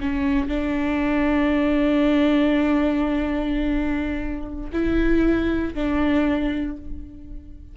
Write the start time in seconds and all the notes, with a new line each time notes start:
0.00 C#4
0.48 D4
4.72 E4
5.74 D4